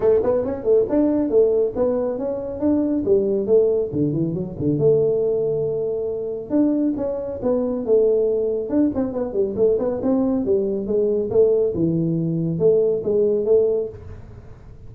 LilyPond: \new Staff \with { instrumentName = "tuba" } { \time 4/4 \tempo 4 = 138 a8 b8 cis'8 a8 d'4 a4 | b4 cis'4 d'4 g4 | a4 d8 e8 fis8 d8 a4~ | a2. d'4 |
cis'4 b4 a2 | d'8 c'8 b8 g8 a8 b8 c'4 | g4 gis4 a4 e4~ | e4 a4 gis4 a4 | }